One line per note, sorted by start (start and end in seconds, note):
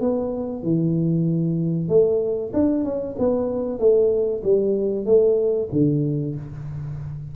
0.00 0.63 B3
0.63 1.88 E3
1.88 2.51 A3
2.53 2.84 D4
2.84 3.16 C#4
3.18 3.79 B3
3.79 4.42 A3
4.43 5.05 G3
5.05 5.68 A3
5.72 6.35 D3